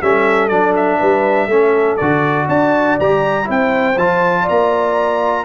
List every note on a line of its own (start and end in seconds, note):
0.00 0.50 G3
0.00 0.50 C#4
0.00 0.99 A4
0.00 0.48 E5
0.48 0.99 F#3
0.48 1.49 D4
0.48 0.73 D5
0.76 1.96 E5
0.99 1.47 G3
0.99 1.48 B4
1.47 1.97 A3
1.47 1.99 C#4
1.47 2.47 A4
1.96 2.48 D3
1.96 3.00 F#4
1.96 2.46 D5
2.47 2.98 D4
2.47 3.46 D5
2.47 2.98 A5
2.99 3.49 G3
2.99 3.44 G4
2.99 3.49 A#5
3.44 3.96 C4
3.44 3.93 E4
3.44 4.43 C5
3.50 3.98 G5
3.96 4.46 F3
3.96 5.44 F4
3.96 4.48 A5
4.43 5.42 D5
4.43 5.44 A#5
4.49 5.44 A#3